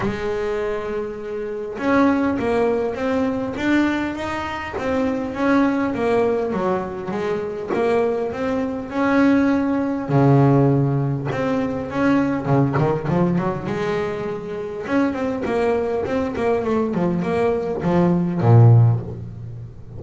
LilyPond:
\new Staff \with { instrumentName = "double bass" } { \time 4/4 \tempo 4 = 101 gis2. cis'4 | ais4 c'4 d'4 dis'4 | c'4 cis'4 ais4 fis4 | gis4 ais4 c'4 cis'4~ |
cis'4 cis2 c'4 | cis'4 cis8 dis8 f8 fis8 gis4~ | gis4 cis'8 c'8 ais4 c'8 ais8 | a8 f8 ais4 f4 ais,4 | }